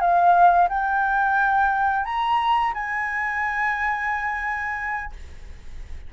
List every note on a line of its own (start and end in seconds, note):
0.00 0.68 F5
0.68 2.05 G5
2.05 2.73 A#5
2.74 5.12 G#5